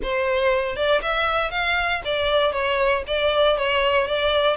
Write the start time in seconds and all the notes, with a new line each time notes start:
0.02 C5
0.76 D5
1.02 E5
1.50 F5
2.05 D5
2.52 C#5
3.07 D5
3.57 C#5
4.07 D5